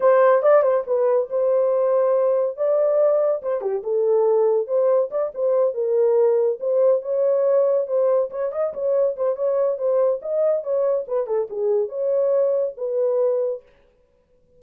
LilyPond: \new Staff \with { instrumentName = "horn" } { \time 4/4 \tempo 4 = 141 c''4 d''8 c''8 b'4 c''4~ | c''2 d''2 | c''8 g'8 a'2 c''4 | d''8 c''4 ais'2 c''8~ |
c''8 cis''2 c''4 cis''8 | dis''8 cis''4 c''8 cis''4 c''4 | dis''4 cis''4 b'8 a'8 gis'4 | cis''2 b'2 | }